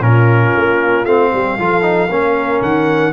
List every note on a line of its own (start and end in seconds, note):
0.00 0.52 A#2
0.00 1.05 C#4
0.00 1.32 F4
0.00 1.05 A#4
0.56 1.04 A#3
1.04 1.31 A3
1.04 1.58 C4
1.04 2.62 F5
1.32 1.58 G3
1.32 1.58 G4
1.58 2.09 F3
1.58 1.82 F4
1.58 2.11 A4
1.82 2.08 D#4
2.09 2.61 A#3
2.09 3.12 C#4
2.09 3.12 A#4
2.61 3.12 D#3
2.61 3.12 F#5